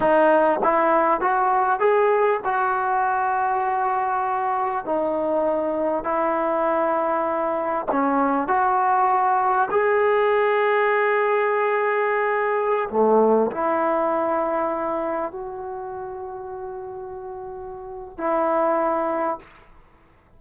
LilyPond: \new Staff \with { instrumentName = "trombone" } { \time 4/4 \tempo 4 = 99 dis'4 e'4 fis'4 gis'4 | fis'1 | dis'2 e'2~ | e'4 cis'4 fis'2 |
gis'1~ | gis'4~ gis'16 a4 e'4.~ e'16~ | e'4~ e'16 fis'2~ fis'8.~ | fis'2 e'2 | }